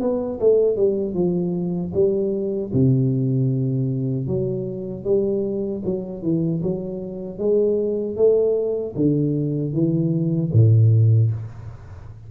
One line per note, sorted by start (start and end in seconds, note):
0.00 0.39 B3
0.39 0.76 A3
0.76 1.14 G3
1.14 1.92 F3
1.93 2.71 G3
2.73 4.27 C3
4.27 5.04 F#3
5.04 5.82 G3
5.84 6.22 F#3
6.22 6.61 E3
6.62 7.38 F#3
7.38 8.16 G#3
8.16 8.94 A3
8.95 9.73 D3
9.73 10.51 E3
10.53 11.31 A2